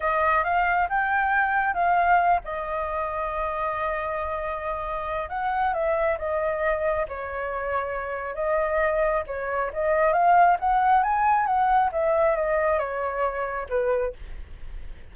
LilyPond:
\new Staff \with { instrumentName = "flute" } { \time 4/4 \tempo 4 = 136 dis''4 f''4 g''2 | f''4. dis''2~ dis''8~ | dis''1 | fis''4 e''4 dis''2 |
cis''2. dis''4~ | dis''4 cis''4 dis''4 f''4 | fis''4 gis''4 fis''4 e''4 | dis''4 cis''2 b'4 | }